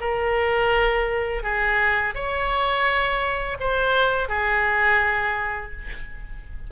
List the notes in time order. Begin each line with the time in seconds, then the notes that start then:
0.00 A#4
1.43 G#4
2.14 C#5
3.59 C5
4.28 G#4